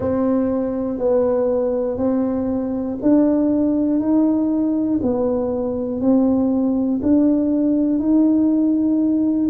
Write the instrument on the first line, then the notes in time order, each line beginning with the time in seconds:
tuba
0.00 C4
0.98 B3
1.97 C4
3.01 D4
4.00 D#4
5.02 B3
6.00 C4
7.02 D4
7.99 D#4